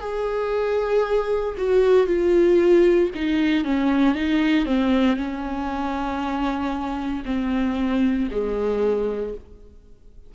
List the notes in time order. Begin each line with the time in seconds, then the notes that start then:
0.00 G#4
1.58 F#4
2.06 F4
3.15 D#4
3.64 C#4
4.15 D#4
4.66 C4
5.16 C#4
7.25 C4
8.31 G#3